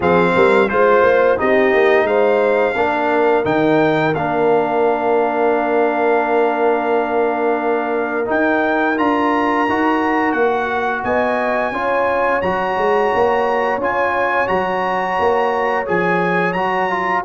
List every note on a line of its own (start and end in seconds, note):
0.00 0.34 F3
0.00 0.68 C4
0.00 0.31 G#4
0.00 0.69 F5
0.35 0.70 G3
0.35 0.69 A#4
0.68 1.02 G#3
0.68 1.37 F4
0.68 1.37 C5
0.68 1.39 C5
1.02 1.37 A#3
1.37 1.73 C4
1.37 2.75 D#4
1.37 2.07 G4
1.37 2.06 D#5
1.73 2.03 A#3
2.03 2.72 G#3
2.03 2.76 C5
2.03 3.44 F5
2.75 3.44 A#3
2.75 3.44 D4
2.75 11.04 A#4
3.44 4.14 D#3
3.44 4.13 D#4
3.44 4.14 G5
4.14 8.28 A#3
4.14 8.25 D4
4.14 8.28 F5
8.25 8.94 D#4
8.25 8.99 D#4
8.25 8.98 G5
8.97 9.68 D4
8.97 9.66 F4
8.97 10.32 A#5
9.69 10.33 D#4
9.69 11.73 F#4
10.32 11.02 A#3
10.32 11.01 F#5
11.04 11.71 B3
11.04 11.73 D#5
11.04 12.41 G#5
11.71 12.40 C#4
11.71 12.42 F4
11.71 17.24 C#5
12.41 12.76 F#3
12.41 13.80 F#4
12.41 13.79 A#5
12.77 13.11 G#3
13.14 13.77 A#3
13.77 14.46 C#4
13.77 14.47 F4
13.77 14.47 G#5
14.47 15.18 F#3
14.47 15.85 F#4
14.47 15.85 A#5
15.19 15.88 A#3
15.85 16.54 F3
15.85 16.54 G#4
15.85 16.52 G#5
16.52 17.23 F#3
16.52 16.90 F#4
16.52 17.21 A#5
16.90 17.24 F4